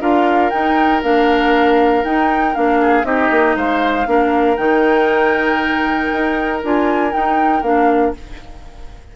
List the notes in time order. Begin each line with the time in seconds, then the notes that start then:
0.00 D4 F4 A#4 F5
0.50 D#4 G5
1.02 A#3 D4 F5
2.03 D#4 G5
2.54 A#3 D4 F5
2.80 G#4
3.03 C4 D#4 G4 D#5
3.30 A#3
3.55 G#3 C5 F5
4.05 A#3 D4 A#4
4.56 D#3 D#4 G5
6.12 D#4
6.63 D4 F4 G#5
7.10 D#4 G5
7.61 A#3 D4 F5